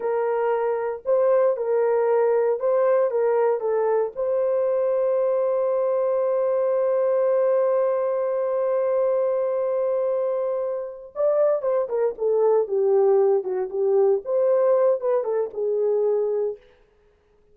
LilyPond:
\new Staff \with { instrumentName = "horn" } { \time 4/4 \tempo 4 = 116 ais'2 c''4 ais'4~ | ais'4 c''4 ais'4 a'4 | c''1~ | c''1~ |
c''1~ | c''4. d''4 c''8 ais'8 a'8~ | a'8 g'4. fis'8 g'4 c''8~ | c''4 b'8 a'8 gis'2 | }